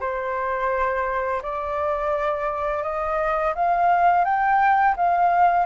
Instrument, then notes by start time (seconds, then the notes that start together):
flute
0.00 C5
1.42 D5
2.83 D#5
3.55 F5
4.24 G5
4.96 F5